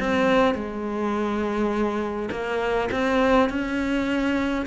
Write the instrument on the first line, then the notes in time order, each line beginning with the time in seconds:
cello
0.00 C4
0.55 G#3
2.31 A#3
2.92 C4
3.50 C#4